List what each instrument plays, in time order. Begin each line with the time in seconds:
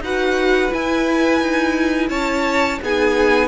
0.00 cello D#4, viola F#4, violin B4 F#5
0.71 viola E4, cello E4, violin G#5
1.41 cello D#4
2.09 cello C#4, violin C#5 A5
2.82 cello B3, viola D#4, violin G#4 G#5